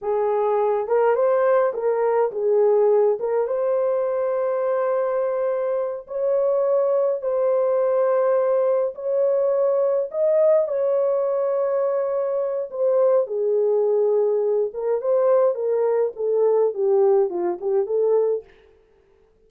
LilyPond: \new Staff \with { instrumentName = "horn" } { \time 4/4 \tempo 4 = 104 gis'4. ais'8 c''4 ais'4 | gis'4. ais'8 c''2~ | c''2~ c''8 cis''4.~ | cis''8 c''2. cis''8~ |
cis''4. dis''4 cis''4.~ | cis''2 c''4 gis'4~ | gis'4. ais'8 c''4 ais'4 | a'4 g'4 f'8 g'8 a'4 | }